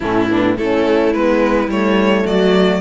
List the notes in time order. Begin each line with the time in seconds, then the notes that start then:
0.00 A2 A3 C#4 E4
0.30 B3 D4
0.57 A3 C#4 E4 A4
1.13 G#3 B3 B4
1.67 G3 A3 C#5
2.25 F#3 F#4 D5